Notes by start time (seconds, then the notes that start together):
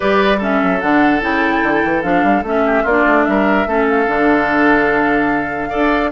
0.00 G3 G4 B4 D5
0.38 C#4 A4 E5
0.62 F#3
0.80 D3 D4 F#5
1.20 C#3 E4 G5
1.63 D3
1.84 E3
2.02 F3 D4 F5
2.23 G3
2.42 A3 C#4 E5
2.65 G4
2.82 A#3 F4 D5
2.89 D4
3.06 A3
3.25 G3 A#4 E5
3.66 A3 C#4 A4
3.88 F5
4.06 D3 D4
5.69 D4 A4 D5